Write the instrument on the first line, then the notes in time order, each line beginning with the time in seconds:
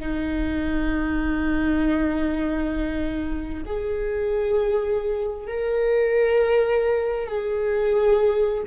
viola
0.00 D#4
3.66 G#4
5.48 A#4
7.27 G#4